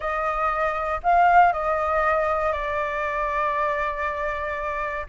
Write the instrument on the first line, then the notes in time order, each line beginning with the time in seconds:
flute
0.00 D#5
1.03 F5
1.52 D#5
2.52 D5